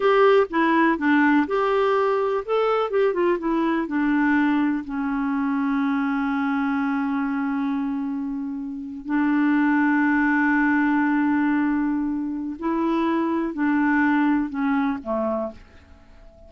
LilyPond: \new Staff \with { instrumentName = "clarinet" } { \time 4/4 \tempo 4 = 124 g'4 e'4 d'4 g'4~ | g'4 a'4 g'8 f'8 e'4 | d'2 cis'2~ | cis'1~ |
cis'2~ cis'8. d'4~ d'16~ | d'1~ | d'2 e'2 | d'2 cis'4 a4 | }